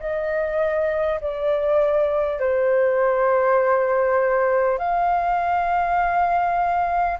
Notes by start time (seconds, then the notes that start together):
0.00 D#5
1.21 D5
2.39 C5
4.78 F5